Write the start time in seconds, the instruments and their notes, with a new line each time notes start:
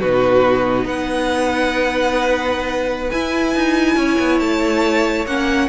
0.00 cello B2, viola D#4, violin F#4 B4
0.84 cello B3, violin B4 F#5
3.11 viola E4, cello E4, violin G#5
3.55 cello D#4
3.96 cello C#4, violin C#5
4.19 cello B3
4.39 cello A3, violin A5
5.25 cello A#3, viola C#4, violin F#5